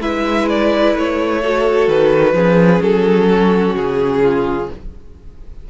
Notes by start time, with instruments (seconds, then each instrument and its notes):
0.00 cello G#3, viola E4, violin B4 E5
0.49 violin D5
0.94 cello A3, violin C#5
1.40 viola F#4, violin A4
1.88 cello D#3, violin B4
2.33 cello F3, viola C#4, violin G#4
2.81 cello F#3, violin A4
3.29 violin F#4
3.75 cello C#3, violin G#4
4.22 violin F4